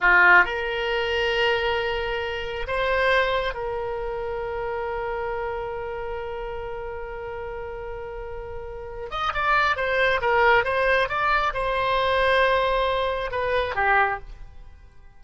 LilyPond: \new Staff \with { instrumentName = "oboe" } { \time 4/4 \tempo 4 = 135 f'4 ais'2.~ | ais'2 c''2 | ais'1~ | ais'1~ |
ais'1~ | ais'8 dis''8 d''4 c''4 ais'4 | c''4 d''4 c''2~ | c''2 b'4 g'4 | }